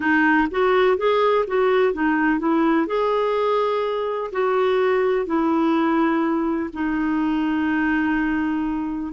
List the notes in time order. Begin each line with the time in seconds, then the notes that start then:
0.00 D#4
0.51 F#4
0.97 G#4
1.47 F#4
1.93 D#4
2.39 E4
2.87 G#4
4.32 F#4
5.26 E4
6.73 D#4